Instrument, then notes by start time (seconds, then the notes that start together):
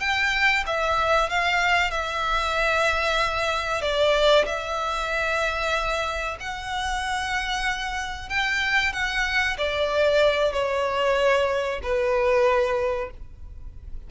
violin
0.00 G5
0.66 E5
1.29 F5
1.91 E5
3.82 D5
4.46 E5
6.40 F#5
8.29 G5
8.93 F#5
9.57 D5
10.53 C#5
11.83 B4